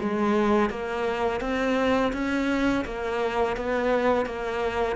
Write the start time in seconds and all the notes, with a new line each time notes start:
0.00 G#3
0.70 A#3
1.41 C4
2.13 C#4
2.85 A#3
3.57 B3
4.26 A#3